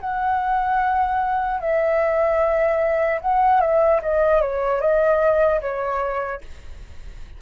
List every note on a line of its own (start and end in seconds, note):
0.00 1.60 F#5
1.60 3.20 E5
3.21 3.61 F#5
3.61 4.01 E5
4.02 4.41 D#5
4.41 4.80 C#5
4.80 5.60 D#5
5.61 6.41 C#5